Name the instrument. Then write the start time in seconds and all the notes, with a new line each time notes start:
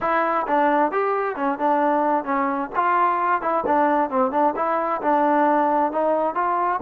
trombone
0.00 E4
0.47 D4
0.91 G4
1.36 C#4
1.58 D4
2.24 C#4
2.75 F4
3.41 E4
3.66 D4
4.10 C4
4.31 D4
4.56 E4
5.01 D4
5.92 D#4
6.35 F4